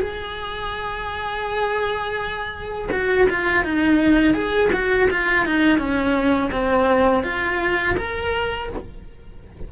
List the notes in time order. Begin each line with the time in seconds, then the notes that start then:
0.00 G#4
2.92 F#4
3.30 F4
3.64 D#4
4.34 G#4
4.73 F#4
5.11 F4
5.46 D#4
5.78 C#4
6.52 C4
7.24 F4
7.97 A#4